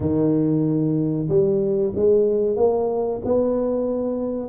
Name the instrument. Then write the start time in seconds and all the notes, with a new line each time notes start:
tuba
0.00 D#3
1.28 G3
1.95 G#3
2.56 A#3
3.25 B3